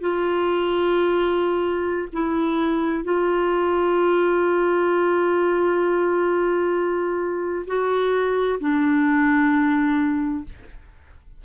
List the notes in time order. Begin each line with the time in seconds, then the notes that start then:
0.00 F4
2.12 E4
3.04 F4
7.66 F#4
8.59 D4